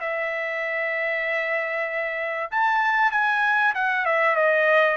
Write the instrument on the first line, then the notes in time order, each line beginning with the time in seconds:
trumpet
0.00 E5
2.51 A5
3.11 G#5
3.75 F#5
4.05 E5
4.36 D#5